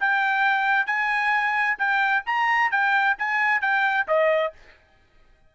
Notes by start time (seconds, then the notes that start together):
0.00 G5
0.86 G#5
1.79 G5
2.26 A#5
2.71 G5
3.19 G#5
3.61 G5
4.08 D#5